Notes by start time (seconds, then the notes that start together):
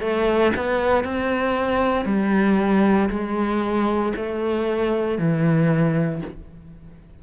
0.00 A3
0.56 B3
1.04 C4
2.05 G3
3.09 G#3
4.16 A3
5.18 E3